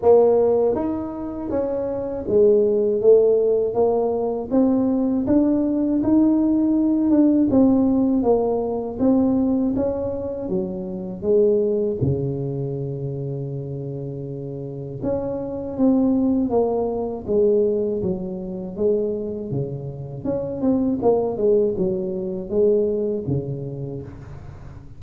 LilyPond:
\new Staff \with { instrumentName = "tuba" } { \time 4/4 \tempo 4 = 80 ais4 dis'4 cis'4 gis4 | a4 ais4 c'4 d'4 | dis'4. d'8 c'4 ais4 | c'4 cis'4 fis4 gis4 |
cis1 | cis'4 c'4 ais4 gis4 | fis4 gis4 cis4 cis'8 c'8 | ais8 gis8 fis4 gis4 cis4 | }